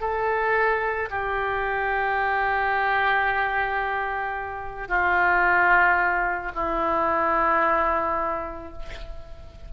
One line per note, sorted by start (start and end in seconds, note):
0.00 1.09 A4
1.10 4.88 G4
4.88 6.52 F4
6.55 8.73 E4